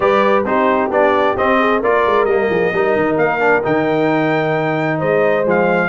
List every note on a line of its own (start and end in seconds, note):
0.00 0.44 G3
0.00 0.44 G4
0.00 0.46 B4
0.00 0.44 D5
0.44 0.89 C4
0.44 0.90 D#4
0.44 1.59 G4
0.44 0.91 C5
0.90 1.35 B3
0.90 1.36 D4
0.90 1.37 D5
1.36 1.82 C4
1.36 1.82 D#5
1.59 1.80 G#4
1.80 2.06 A#3
1.80 2.28 F4
1.80 2.48 A#4
1.80 2.25 D5
2.06 2.24 G#3
2.24 2.47 G3
2.24 2.73 A#3
2.24 3.16 D#5
2.49 2.72 F3
2.49 2.73 G#4
2.73 2.96 G3
2.73 3.39 D#4
2.73 4.98 A#4
2.96 3.16 D#3
3.16 3.62 A#3
3.16 3.63 F5
3.39 3.62 D4
3.63 5.02 D#3
3.63 5.44 D#4
3.63 5.00 G5
4.98 5.45 G#3
4.98 5.88 C5
4.98 5.45 D#5
5.44 5.88 F3
5.44 5.88 G#3
5.44 5.88 F5